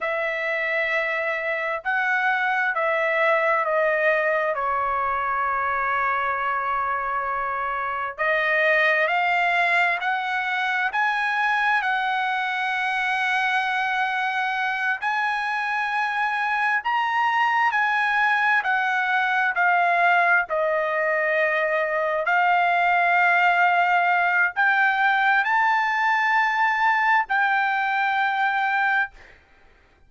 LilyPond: \new Staff \with { instrumentName = "trumpet" } { \time 4/4 \tempo 4 = 66 e''2 fis''4 e''4 | dis''4 cis''2.~ | cis''4 dis''4 f''4 fis''4 | gis''4 fis''2.~ |
fis''8 gis''2 ais''4 gis''8~ | gis''8 fis''4 f''4 dis''4.~ | dis''8 f''2~ f''8 g''4 | a''2 g''2 | }